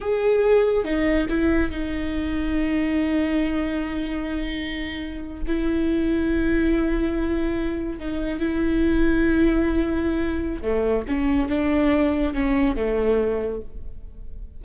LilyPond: \new Staff \with { instrumentName = "viola" } { \time 4/4 \tempo 4 = 141 gis'2 dis'4 e'4 | dis'1~ | dis'1~ | dis'8. e'2.~ e'16~ |
e'2~ e'8. dis'4 e'16~ | e'1~ | e'4 a4 cis'4 d'4~ | d'4 cis'4 a2 | }